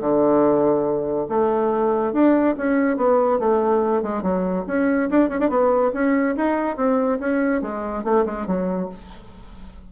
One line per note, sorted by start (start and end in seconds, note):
0.00 1.27 D3
1.29 2.13 A3
2.13 2.55 D4
2.57 2.97 C#4
2.97 3.39 B3
3.39 4.02 A3
4.02 4.22 G#3
4.22 4.64 F#3
4.67 5.09 C#4
5.10 5.29 D4
5.29 5.39 C#4
5.40 5.49 D4
5.49 5.91 B3
5.93 6.36 C#4
6.36 6.76 D#4
6.76 7.18 C4
7.19 7.61 C#4
7.61 8.04 G#3
8.04 8.25 A3
8.25 8.46 G#3
8.46 8.89 F#3